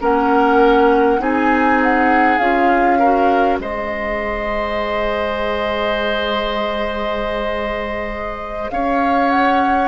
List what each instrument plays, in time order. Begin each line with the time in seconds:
0.00 bassoon A#3, clarinet C#4, oboe A#4, flute F#5
1.19 bassoon C4, clarinet D#4, oboe G#4, flute G#5
1.82 flute F#5
2.38 bassoon C#4, clarinet F4, flute F5
2.98 clarinet F#4, oboe A#4
3.58 bassoon G#3, clarinet G#4, oboe C5, flute D#5
8.70 bassoon C#4, oboe C#5, flute F5
9.29 flute F#5